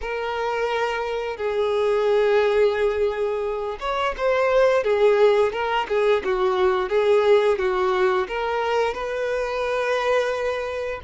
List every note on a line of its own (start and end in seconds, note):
0.01 1.36 A#4
1.36 3.77 G#4
3.80 4.14 C#5
4.17 4.83 C5
4.83 5.52 G#4
5.52 5.87 A#4
5.88 6.22 G#4
6.24 6.89 F#4
6.89 7.58 G#4
7.58 8.27 F#4
8.27 8.93 A#4
8.93 11.00 B4